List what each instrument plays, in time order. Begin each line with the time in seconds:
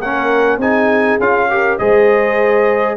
0.00 tuba A#3, trombone C#4, horn A#4, trumpet F#5
0.57 tuba C4, trombone D#4, horn G#4, trumpet G#5
1.19 tuba C#4, trombone F4, trumpet F5
1.50 trombone G4, horn A#4
1.78 tuba G#3, trombone G#4, horn C5, trumpet D#5